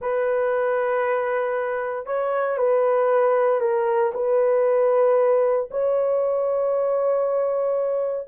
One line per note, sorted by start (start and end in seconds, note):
0.01 2.05 B4
2.05 2.57 C#5
2.57 3.60 B4
3.60 4.12 A#4
4.14 5.69 B4
5.70 8.27 C#5